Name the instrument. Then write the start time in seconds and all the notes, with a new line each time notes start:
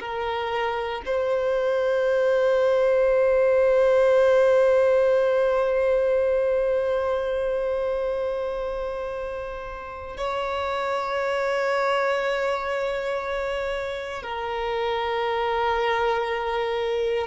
violin
0.00 A#4
1.05 C5
10.17 C#5
14.22 A#4